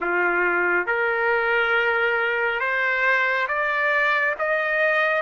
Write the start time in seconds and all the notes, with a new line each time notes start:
0.00 F4
0.86 A#4
2.60 C5
3.47 D5
4.38 D#5